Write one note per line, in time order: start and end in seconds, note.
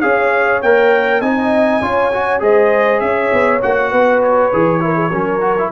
0.00 0.62 C#4
0.00 0.61 G#4
0.00 1.21 C#5
0.00 0.60 F5
0.62 1.20 A#3
0.62 1.22 A#4
0.62 1.21 G5
1.20 1.80 C4
1.20 1.81 D#4
1.20 1.81 D#5
1.20 2.41 G#5
1.81 2.41 C#4
1.81 2.12 F4
1.81 2.42 C#5
2.13 2.40 F#4
2.40 3.01 G#3
2.40 3.60 G#4
2.40 3.02 C5
2.40 3.00 D#5
3.00 3.31 C#4
3.00 3.90 C#5
3.00 3.60 E5
3.33 3.62 B3
3.62 3.92 A#3
3.62 4.51 F#4
3.62 4.22 F#5
3.90 4.52 B3
3.90 4.80 B4
4.23 5.72 C#5
4.52 5.12 E3
4.52 4.80 G#4
4.80 5.10 E4
4.80 4.95 A#4
4.95 5.09 G#4
5.10 5.72 F#3
5.10 5.40 C#4
5.10 5.70 A#4
5.40 5.55 F#4
5.58 5.72 E4